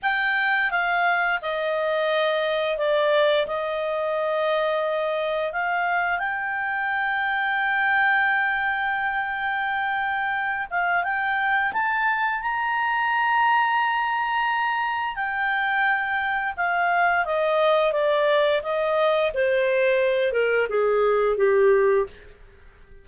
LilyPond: \new Staff \with { instrumentName = "clarinet" } { \time 4/4 \tempo 4 = 87 g''4 f''4 dis''2 | d''4 dis''2. | f''4 g''2.~ | g''2.~ g''8 f''8 |
g''4 a''4 ais''2~ | ais''2 g''2 | f''4 dis''4 d''4 dis''4 | c''4. ais'8 gis'4 g'4 | }